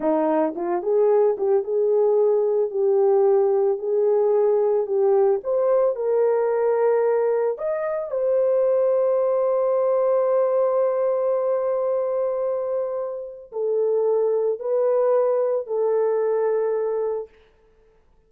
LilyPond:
\new Staff \with { instrumentName = "horn" } { \time 4/4 \tempo 4 = 111 dis'4 f'8 gis'4 g'8 gis'4~ | gis'4 g'2 gis'4~ | gis'4 g'4 c''4 ais'4~ | ais'2 dis''4 c''4~ |
c''1~ | c''1~ | c''4 a'2 b'4~ | b'4 a'2. | }